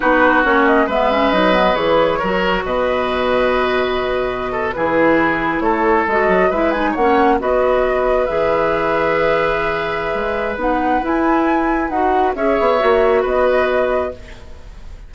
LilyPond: <<
  \new Staff \with { instrumentName = "flute" } { \time 4/4 \tempo 4 = 136 b'4 cis''8 dis''8 e''4 dis''4 | cis''2 dis''2~ | dis''2~ dis''8. b'4~ b'16~ | b'8. cis''4 dis''4 e''8 gis''8 fis''16~ |
fis''8. dis''2 e''4~ e''16~ | e''1 | fis''4 gis''2 fis''4 | e''2 dis''2 | }
  \new Staff \with { instrumentName = "oboe" } { \time 4/4 fis'2 b'2~ | b'4 ais'4 b'2~ | b'2~ b'16 a'8 gis'4~ gis'16~ | gis'8. a'2 b'4 cis''16~ |
cis''8. b'2.~ b'16~ | b'1~ | b'1 | cis''2 b'2 | }
  \new Staff \with { instrumentName = "clarinet" } { \time 4/4 dis'4 cis'4 b8 cis'8 dis'8 b8 | gis'4 fis'2.~ | fis'2~ fis'8. e'4~ e'16~ | e'4.~ e'16 fis'4 e'8 dis'8 cis'16~ |
cis'8. fis'2 gis'4~ gis'16~ | gis'1 | dis'4 e'2 fis'4 | gis'4 fis'2. | }
  \new Staff \with { instrumentName = "bassoon" } { \time 4/4 b4 ais4 gis4 fis4 | e4 fis4 b,2~ | b,2~ b,8. e4~ e16~ | e8. a4 gis8 fis8 gis4 ais16~ |
ais8. b2 e4~ e16~ | e2. gis4 | b4 e'2 dis'4 | cis'8 b8 ais4 b2 | }
>>